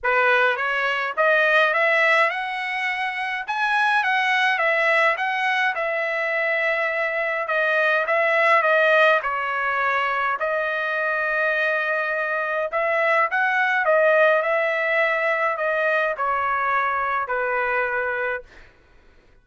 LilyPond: \new Staff \with { instrumentName = "trumpet" } { \time 4/4 \tempo 4 = 104 b'4 cis''4 dis''4 e''4 | fis''2 gis''4 fis''4 | e''4 fis''4 e''2~ | e''4 dis''4 e''4 dis''4 |
cis''2 dis''2~ | dis''2 e''4 fis''4 | dis''4 e''2 dis''4 | cis''2 b'2 | }